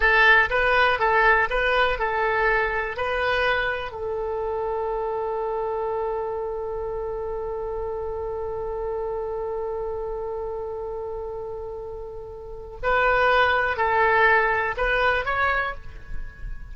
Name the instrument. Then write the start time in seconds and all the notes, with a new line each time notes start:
oboe
0.00 A4
0.50 B4
0.99 A4
1.50 B4
1.99 A4
2.96 B4
3.91 A4
12.82 B4
13.76 A4
14.77 B4
15.25 C#5